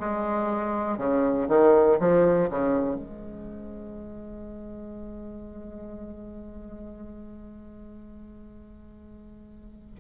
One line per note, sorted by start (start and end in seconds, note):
0.00 0.98 G#3
0.98 1.48 C#3
1.49 1.99 D#3
2.00 2.50 F3
2.50 2.95 C#3
2.95 9.95 G#3